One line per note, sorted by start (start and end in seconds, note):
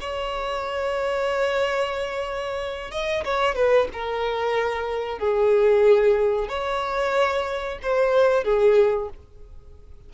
0.00 2.91 C#5
2.91 3.24 D#5
3.25 3.55 C#5
3.55 3.88 B4
3.92 5.19 A#4
5.19 6.48 G#4
6.48 7.79 C#5
7.82 8.44 C5
8.44 9.09 G#4